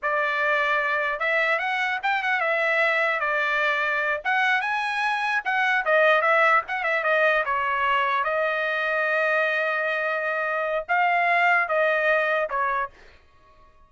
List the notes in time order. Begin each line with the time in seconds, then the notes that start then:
0.02 D5
1.19 E5
1.58 F#5
2.03 G5
2.22 F#5
2.40 E5
3.20 D5
4.24 F#5
4.61 G#5
5.44 F#5
5.85 D#5
6.21 E5
6.68 F#5
6.83 E5
7.03 D#5
7.45 C#5
8.23 D#5
10.88 F5
11.68 D#5
12.49 C#5